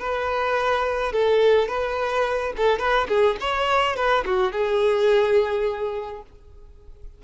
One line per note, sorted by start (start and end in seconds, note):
0.00 1.13 B4
1.13 1.69 A4
1.69 2.53 B4
2.57 2.79 A4
2.79 3.08 B4
3.09 3.37 G#4
3.41 3.96 C#5
3.96 4.25 B4
4.26 4.53 F#4
4.53 6.22 G#4